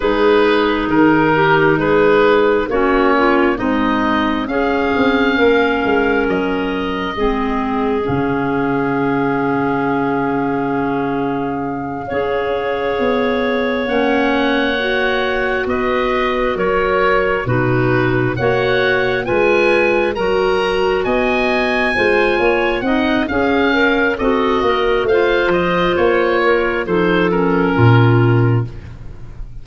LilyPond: <<
  \new Staff \with { instrumentName = "oboe" } { \time 4/4 \tempo 4 = 67 b'4 ais'4 b'4 cis''4 | dis''4 f''2 dis''4~ | dis''4 f''2.~ | f''2.~ f''8 fis''8~ |
fis''4. dis''4 cis''4 b'8~ | b'8 fis''4 gis''4 ais''4 gis''8~ | gis''4. fis''8 f''4 dis''4 | f''8 dis''8 cis''4 c''8 ais'4. | }
  \new Staff \with { instrumentName = "clarinet" } { \time 4/4 gis'4. g'8 gis'4 fis'8 f'8 | dis'4 gis'4 ais'2 | gis'1~ | gis'4. cis''2~ cis''8~ |
cis''4. b'4 ais'4 fis'8~ | fis'8 cis''4 b'4 ais'4 dis''8~ | dis''8 c''8 cis''8 dis''8 gis'8 ais'8 a'8 ais'8 | c''4. ais'8 a'4 f'4 | }
  \new Staff \with { instrumentName = "clarinet" } { \time 4/4 dis'2. cis'4 | gis4 cis'2. | c'4 cis'2.~ | cis'4. gis'2 cis'8~ |
cis'8 fis'2. dis'8~ | dis'8 fis'4 f'4 fis'4.~ | fis'8 f'4 dis'8 cis'4 fis'4 | f'2 dis'8 cis'4. | }
  \new Staff \with { instrumentName = "tuba" } { \time 4/4 gis4 dis4 gis4 ais4 | c'4 cis'8 c'8 ais8 gis8 fis4 | gis4 cis2.~ | cis4. cis'4 b4 ais8~ |
ais4. b4 fis4 b,8~ | b,8 ais4 gis4 fis4 b8~ | b8 gis8 ais8 c'8 cis'4 c'8 ais8 | a8 f8 ais4 f4 ais,4 | }
>>